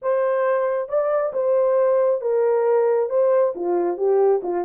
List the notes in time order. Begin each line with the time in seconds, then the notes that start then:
0.01 C5
0.88 D5
1.33 C5
2.21 A#4
3.09 C5
3.55 F4
3.97 G4
4.43 F4